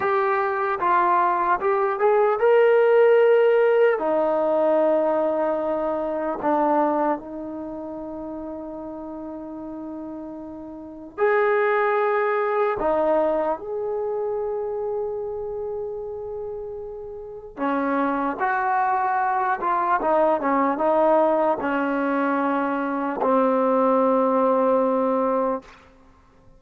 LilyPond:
\new Staff \with { instrumentName = "trombone" } { \time 4/4 \tempo 4 = 75 g'4 f'4 g'8 gis'8 ais'4~ | ais'4 dis'2. | d'4 dis'2.~ | dis'2 gis'2 |
dis'4 gis'2.~ | gis'2 cis'4 fis'4~ | fis'8 f'8 dis'8 cis'8 dis'4 cis'4~ | cis'4 c'2. | }